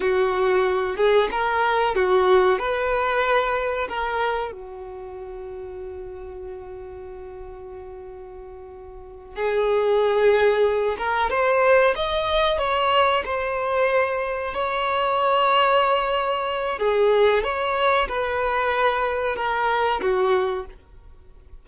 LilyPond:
\new Staff \with { instrumentName = "violin" } { \time 4/4 \tempo 4 = 93 fis'4. gis'8 ais'4 fis'4 | b'2 ais'4 fis'4~ | fis'1~ | fis'2~ fis'8 gis'4.~ |
gis'4 ais'8 c''4 dis''4 cis''8~ | cis''8 c''2 cis''4.~ | cis''2 gis'4 cis''4 | b'2 ais'4 fis'4 | }